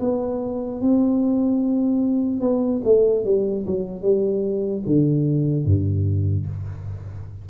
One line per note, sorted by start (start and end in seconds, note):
0.00 0.81 B3
0.81 2.41 C4
2.41 2.82 B3
2.85 3.25 A3
3.25 3.66 G3
3.66 4.02 F#3
4.02 4.83 G3
4.86 5.65 D3
5.65 6.46 G2